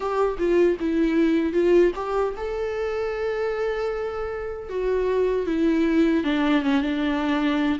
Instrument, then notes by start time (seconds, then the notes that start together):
viola
0.00 G4
0.38 F4
0.80 E4
1.53 F4
1.95 G4
2.37 A4
4.69 F#4
5.46 E4
6.24 D4
6.62 C#4
6.81 D4